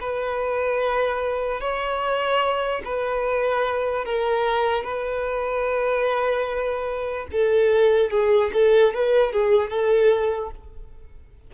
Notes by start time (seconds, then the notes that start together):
0.00 B4
1.61 C#5
2.85 B4
4.05 A#4
4.84 B4
7.32 A4
8.11 G#4
8.54 A4
8.94 B4
9.32 G#4
9.70 A4